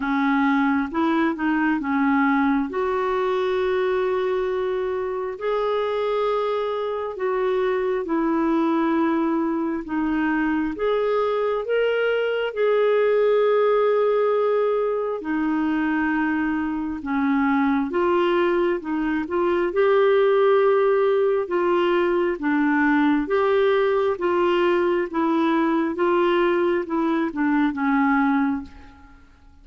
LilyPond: \new Staff \with { instrumentName = "clarinet" } { \time 4/4 \tempo 4 = 67 cis'4 e'8 dis'8 cis'4 fis'4~ | fis'2 gis'2 | fis'4 e'2 dis'4 | gis'4 ais'4 gis'2~ |
gis'4 dis'2 cis'4 | f'4 dis'8 f'8 g'2 | f'4 d'4 g'4 f'4 | e'4 f'4 e'8 d'8 cis'4 | }